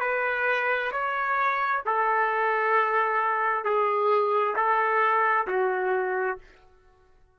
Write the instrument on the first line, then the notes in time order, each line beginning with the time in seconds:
trumpet
0.00 B4
0.91 C#5
1.85 A4
3.64 G#4
4.55 A4
5.47 F#4